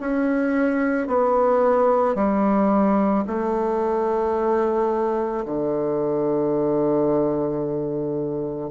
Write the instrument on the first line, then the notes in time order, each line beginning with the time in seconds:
bassoon
0.00 C#4
1.07 B3
2.15 G3
3.26 A3
5.45 D3